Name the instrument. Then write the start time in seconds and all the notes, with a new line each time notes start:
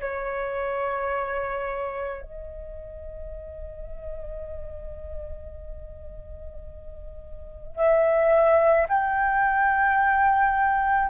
flute
0.00 C#5
2.21 D#5
7.76 E5
8.88 G5